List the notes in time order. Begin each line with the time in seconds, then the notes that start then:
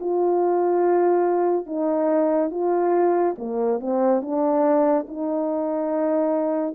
0.00 F4
1.66 D#4
2.50 F4
3.38 A#3
3.79 C4
4.21 D4
5.07 D#4